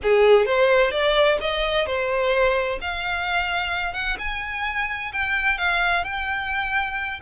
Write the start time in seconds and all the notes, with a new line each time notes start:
0.02 G#4
0.45 C5
0.91 D5
1.41 D#5
1.86 C5
2.81 F5
3.93 F#5
4.19 G#5
5.12 G5
5.58 F5
6.04 G5